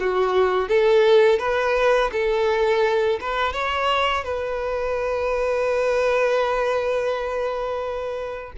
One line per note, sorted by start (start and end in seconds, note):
0.00 0.69 F#4
0.69 1.39 A4
1.39 2.11 B4
2.12 3.19 A4
3.21 3.53 B4
3.53 4.24 C#5
4.24 8.53 B4